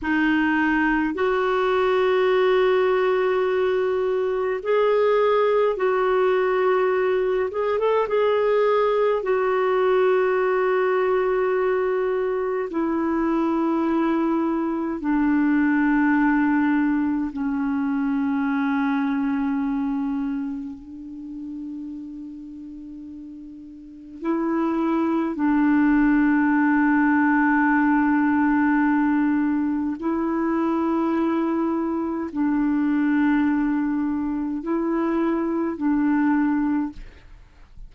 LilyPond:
\new Staff \with { instrumentName = "clarinet" } { \time 4/4 \tempo 4 = 52 dis'4 fis'2. | gis'4 fis'4. gis'16 a'16 gis'4 | fis'2. e'4~ | e'4 d'2 cis'4~ |
cis'2 d'2~ | d'4 e'4 d'2~ | d'2 e'2 | d'2 e'4 d'4 | }